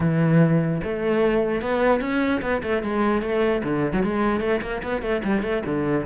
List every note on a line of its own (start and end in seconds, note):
0.00 0.81 E3
0.83 1.61 A3
1.61 2.01 B3
2.01 2.41 C#4
2.41 2.62 B3
2.62 2.82 A3
2.82 3.22 G#3
3.22 3.62 A3
3.63 3.93 D3
3.93 4.03 F#3
4.03 4.40 G#3
4.40 4.60 A3
4.61 4.81 A#3
4.82 5.02 B3
5.02 5.22 A3
5.24 5.42 G3
5.42 5.62 A3
5.65 6.05 D3